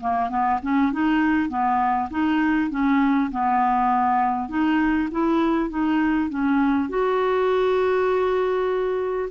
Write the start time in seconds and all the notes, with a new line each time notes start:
0.00 A#3
0.29 B3
0.62 C#4
0.92 D#4
1.49 B3
2.10 D#4
2.70 C#4
3.31 B3
4.48 D#4
5.11 E4
5.69 D#4
6.29 C#4
6.89 F#4